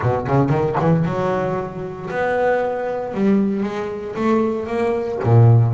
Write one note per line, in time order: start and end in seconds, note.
0.02 0.27 B2
0.27 0.49 C#3
0.49 0.75 D#3
0.80 1.05 E3
1.05 2.09 F#3
2.10 3.14 B3
3.14 3.63 G3
3.63 4.15 G#3
4.15 4.66 A3
4.66 5.18 A#3
5.23 5.74 A#2